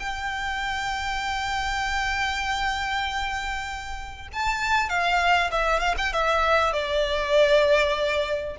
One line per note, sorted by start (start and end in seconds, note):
0.00 4.29 G5
4.33 4.90 A5
4.90 5.51 F5
5.51 5.80 E5
5.80 5.95 F5
5.98 6.13 G5
6.13 6.73 E5
6.73 8.57 D5